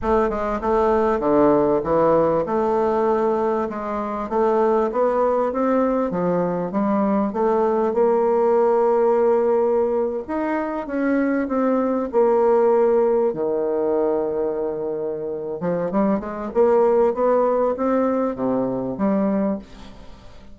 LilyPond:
\new Staff \with { instrumentName = "bassoon" } { \time 4/4 \tempo 4 = 98 a8 gis8 a4 d4 e4 | a2 gis4 a4 | b4 c'4 f4 g4 | a4 ais2.~ |
ais8. dis'4 cis'4 c'4 ais16~ | ais4.~ ais16 dis2~ dis16~ | dis4. f8 g8 gis8 ais4 | b4 c'4 c4 g4 | }